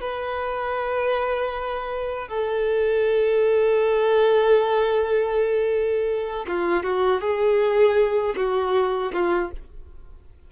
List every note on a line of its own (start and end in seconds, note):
0.00 2.28 B4
2.28 6.46 A4
6.48 6.83 F4
6.83 7.21 F#4
7.21 8.35 G#4
8.36 9.12 F#4
9.13 9.51 F4